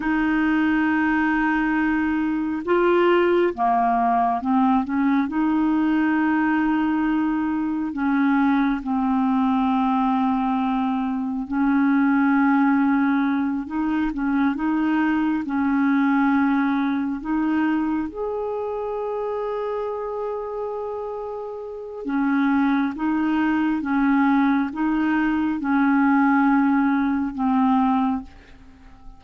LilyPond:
\new Staff \with { instrumentName = "clarinet" } { \time 4/4 \tempo 4 = 68 dis'2. f'4 | ais4 c'8 cis'8 dis'2~ | dis'4 cis'4 c'2~ | c'4 cis'2~ cis'8 dis'8 |
cis'8 dis'4 cis'2 dis'8~ | dis'8 gis'2.~ gis'8~ | gis'4 cis'4 dis'4 cis'4 | dis'4 cis'2 c'4 | }